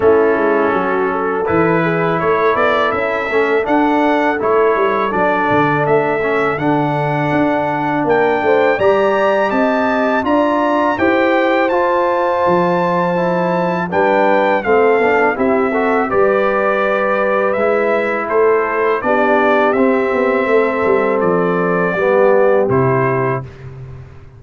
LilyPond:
<<
  \new Staff \with { instrumentName = "trumpet" } { \time 4/4 \tempo 4 = 82 a'2 b'4 cis''8 d''8 | e''4 fis''4 cis''4 d''4 | e''4 fis''2 g''4 | ais''4 a''4 ais''4 g''4 |
a''2. g''4 | f''4 e''4 d''2 | e''4 c''4 d''4 e''4~ | e''4 d''2 c''4 | }
  \new Staff \with { instrumentName = "horn" } { \time 4/4 e'4 fis'8 a'4 gis'8 a'4~ | a'1~ | a'2. ais'8 c''8 | d''4 dis''4 d''4 c''4~ |
c''2. b'4 | a'4 g'8 a'8 b'2~ | b'4 a'4 g'2 | a'2 g'2 | }
  \new Staff \with { instrumentName = "trombone" } { \time 4/4 cis'2 e'2~ | e'8 cis'8 d'4 e'4 d'4~ | d'8 cis'8 d'2. | g'2 f'4 g'4 |
f'2 e'4 d'4 | c'8 d'8 e'8 fis'8 g'2 | e'2 d'4 c'4~ | c'2 b4 e'4 | }
  \new Staff \with { instrumentName = "tuba" } { \time 4/4 a8 gis8 fis4 e4 a8 b8 | cis'8 a8 d'4 a8 g8 fis8 d8 | a4 d4 d'4 ais8 a8 | g4 c'4 d'4 e'4 |
f'4 f2 g4 | a8 b8 c'4 g2 | gis4 a4 b4 c'8 b8 | a8 g8 f4 g4 c4 | }
>>